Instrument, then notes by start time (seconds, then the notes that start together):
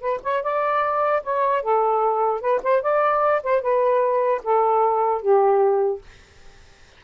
saxophone
0.00 B4
0.22 C#5
0.42 D5
1.23 C#5
1.62 A4
2.40 B4
2.62 C5
2.81 D5
3.43 C5
3.61 B4
4.43 A4
5.21 G4